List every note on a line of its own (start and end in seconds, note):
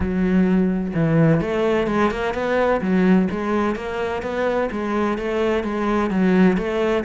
0.00 0.93 F#3
0.94 1.40 E3
1.40 1.87 A3
1.87 2.10 G#3
2.11 2.34 A#3
2.34 2.80 B3
2.81 3.28 F#3
3.30 3.75 G#3
3.75 4.22 A#3
4.22 4.69 B3
4.71 5.18 G#3
5.18 5.63 A3
5.63 6.10 G#3
6.10 6.57 F#3
6.57 7.04 A3